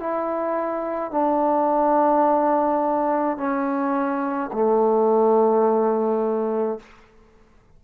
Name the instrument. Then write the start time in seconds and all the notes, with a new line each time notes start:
trombone
0.00 E4
1.11 D4
3.37 C#4
4.53 A3